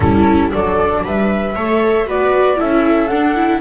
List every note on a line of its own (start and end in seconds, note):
0.00 0.52 G3
0.00 0.50 C#4
0.00 0.53 E4
0.00 0.50 A4
0.50 1.04 F#3
0.50 1.54 D4
0.50 1.03 A4
0.50 1.05 D5
1.03 1.55 G3
1.03 1.55 B4
1.03 2.09 E5
1.55 2.07 A3
1.55 2.06 A4
1.55 2.06 C#5
2.06 2.59 B3
2.06 2.56 F#4
2.06 2.58 B4
2.06 2.60 D5
2.56 3.10 C#4
2.56 3.08 E4
2.56 3.60 A4
2.56 3.07 E5
3.07 3.60 D4
3.07 3.35 D4
3.07 3.59 F#5
3.35 3.60 E4